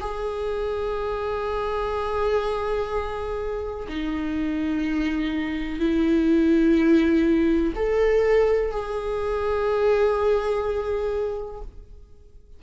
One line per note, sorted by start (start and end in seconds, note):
0.00 3.87 G#4
3.88 5.79 D#4
5.79 7.73 E4
7.75 8.71 A4
8.71 11.61 G#4